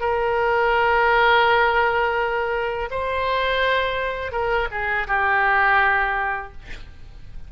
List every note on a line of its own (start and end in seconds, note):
0.00 2.89 A#4
2.90 4.32 C5
4.32 4.68 A#4
4.71 5.07 G#4
5.08 6.52 G4